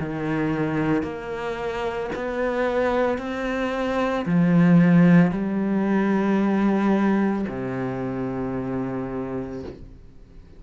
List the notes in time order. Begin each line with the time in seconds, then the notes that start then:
0.00 D#3
1.03 A#3
2.16 B3
3.19 C4
4.26 F3
5.31 G3
7.49 C3